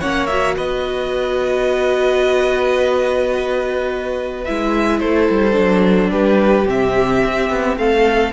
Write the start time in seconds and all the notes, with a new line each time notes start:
0.00 A#3 C#4 C#5 F#5
0.27 F#4 E5
0.56 B3 B4 D#5
4.45 G#3 E4 E5
5.00 A3 A4 C5
5.30 G3
5.53 F#3 D4
6.11 G3 G4 B4
6.67 C3 C4 E5
7.25 C4
7.50 B3
7.77 A3 A4 F5